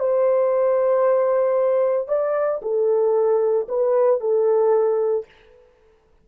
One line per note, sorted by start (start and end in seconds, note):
0.00 2.09 C5
2.09 2.61 D5
2.62 3.67 A4
3.69 4.21 B4
4.21 5.26 A4